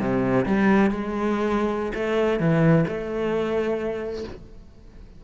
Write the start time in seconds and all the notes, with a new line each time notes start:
0.00 C3
0.46 G3
0.90 G#3
1.94 A3
2.40 E3
2.88 A3